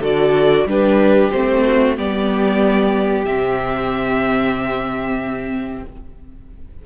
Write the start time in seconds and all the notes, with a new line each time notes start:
0.00 D3 F#4 A4 D5
0.66 G3 D4 G4 B4
1.30 A3 C4 C5
1.65 F#4
1.97 G3 B3 G4 D5
3.24 C3 C4 E5